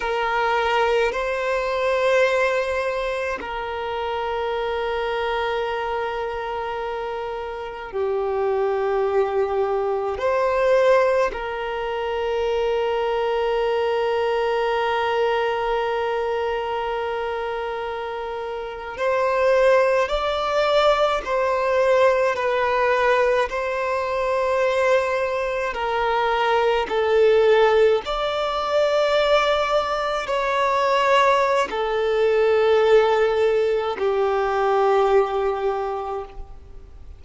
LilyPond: \new Staff \with { instrumentName = "violin" } { \time 4/4 \tempo 4 = 53 ais'4 c''2 ais'4~ | ais'2. g'4~ | g'4 c''4 ais'2~ | ais'1~ |
ais'8. c''4 d''4 c''4 b'16~ | b'8. c''2 ais'4 a'16~ | a'8. d''2 cis''4~ cis''16 | a'2 g'2 | }